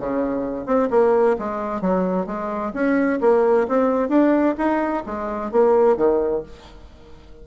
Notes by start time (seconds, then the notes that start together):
0.00 C#3
0.67 C4
0.91 A#3
1.40 G#3
1.82 F#3
2.27 G#3
2.74 C#4
3.21 A#3
3.68 C4
4.10 D4
4.58 D#4
5.07 G#3
5.52 A#3
5.97 D#3